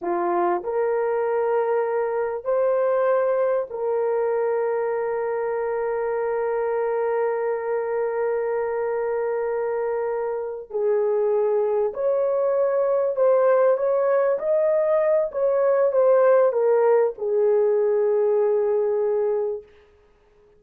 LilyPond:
\new Staff \with { instrumentName = "horn" } { \time 4/4 \tempo 4 = 98 f'4 ais'2. | c''2 ais'2~ | ais'1~ | ais'1~ |
ais'4. gis'2 cis''8~ | cis''4. c''4 cis''4 dis''8~ | dis''4 cis''4 c''4 ais'4 | gis'1 | }